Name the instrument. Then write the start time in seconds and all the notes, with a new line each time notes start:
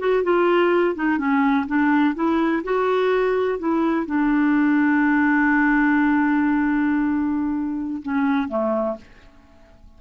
clarinet
0.00 F#4
0.24 F4
0.96 D#4
1.18 C#4
1.67 D4
2.15 E4
2.64 F#4
3.59 E4
4.06 D4
8.03 C#4
8.49 A3